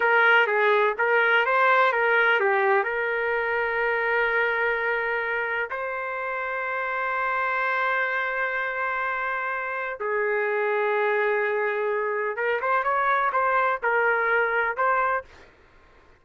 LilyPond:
\new Staff \with { instrumentName = "trumpet" } { \time 4/4 \tempo 4 = 126 ais'4 gis'4 ais'4 c''4 | ais'4 g'4 ais'2~ | ais'1 | c''1~ |
c''1~ | c''4 gis'2.~ | gis'2 ais'8 c''8 cis''4 | c''4 ais'2 c''4 | }